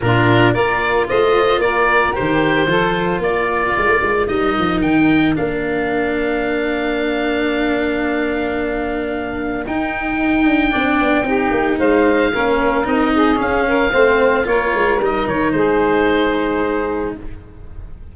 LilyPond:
<<
  \new Staff \with { instrumentName = "oboe" } { \time 4/4 \tempo 4 = 112 ais'4 d''4 dis''4 d''4 | c''2 d''2 | dis''4 g''4 f''2~ | f''1~ |
f''2 g''2~ | g''2 f''2 | dis''4 f''2 cis''4 | dis''8 cis''8 c''2. | }
  \new Staff \with { instrumentName = "saxophone" } { \time 4/4 f'4 ais'4 c''4 ais'4~ | ais'4 a'4 ais'2~ | ais'1~ | ais'1~ |
ais'1 | d''4 g'4 c''4 ais'4~ | ais'8 gis'4 ais'8 c''4 ais'4~ | ais'4 gis'2. | }
  \new Staff \with { instrumentName = "cello" } { \time 4/4 d'4 f'2. | g'4 f'2. | dis'2 d'2~ | d'1~ |
d'2 dis'2 | d'4 dis'2 cis'4 | dis'4 cis'4 c'4 f'4 | dis'1 | }
  \new Staff \with { instrumentName = "tuba" } { \time 4/4 ais,4 ais4 a4 ais4 | dis4 f4 ais4 gis16 ais16 gis8 | g8 f8 dis4 ais2~ | ais1~ |
ais2 dis'4. d'8 | c'8 b8 c'8 ais8 gis4 ais4 | c'4 cis'4 a4 ais8 gis8 | g8 dis8 gis2. | }
>>